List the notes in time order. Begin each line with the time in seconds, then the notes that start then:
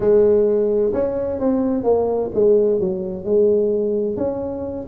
0.00 G#3
0.93 C#4
1.39 C4
1.83 A#3
2.34 G#3
2.79 F#3
3.25 G#3
4.16 C#4